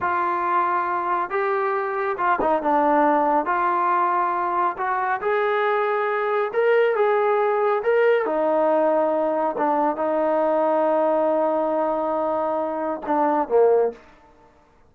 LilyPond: \new Staff \with { instrumentName = "trombone" } { \time 4/4 \tempo 4 = 138 f'2. g'4~ | g'4 f'8 dis'8 d'2 | f'2. fis'4 | gis'2. ais'4 |
gis'2 ais'4 dis'4~ | dis'2 d'4 dis'4~ | dis'1~ | dis'2 d'4 ais4 | }